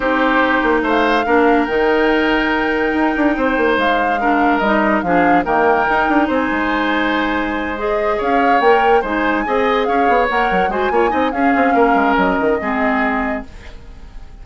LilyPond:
<<
  \new Staff \with { instrumentName = "flute" } { \time 4/4 \tempo 4 = 143 c''2 f''2 | g''1~ | g''4 f''2 dis''4 | f''4 g''2 gis''4~ |
gis''2~ gis''8 dis''4 f''8~ | f''8 g''4 gis''2 f''8~ | f''8 fis''4 gis''4. f''4~ | f''4 dis''2. | }
  \new Staff \with { instrumentName = "oboe" } { \time 4/4 g'2 c''4 ais'4~ | ais'1 | c''2 ais'2 | gis'4 ais'2 c''4~ |
c''2.~ c''8 cis''8~ | cis''4. c''4 dis''4 cis''8~ | cis''4. c''8 cis''8 dis''8 gis'4 | ais'2 gis'2 | }
  \new Staff \with { instrumentName = "clarinet" } { \time 4/4 dis'2. d'4 | dis'1~ | dis'2 d'4 dis'4 | d'4 ais4 dis'2~ |
dis'2~ dis'8 gis'4.~ | gis'8 ais'4 dis'4 gis'4.~ | gis'8 ais'4 fis'8 f'8 dis'8 cis'4~ | cis'2 c'2 | }
  \new Staff \with { instrumentName = "bassoon" } { \time 4/4 c'4. ais8 a4 ais4 | dis2. dis'8 d'8 | c'8 ais8 gis2 g4 | f4 dis4 dis'8 d'8 c'8 gis8~ |
gis2.~ gis8 cis'8~ | cis'8 ais4 gis4 c'4 cis'8 | b8 ais8 fis8 gis8 ais8 c'8 cis'8 c'8 | ais8 gis8 fis8 dis8 gis2 | }
>>